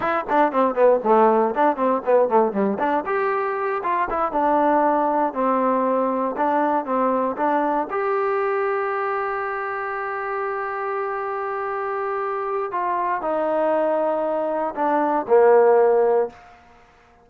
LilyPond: \new Staff \with { instrumentName = "trombone" } { \time 4/4 \tempo 4 = 118 e'8 d'8 c'8 b8 a4 d'8 c'8 | b8 a8 g8 d'8 g'4. f'8 | e'8 d'2 c'4.~ | c'8 d'4 c'4 d'4 g'8~ |
g'1~ | g'1~ | g'4 f'4 dis'2~ | dis'4 d'4 ais2 | }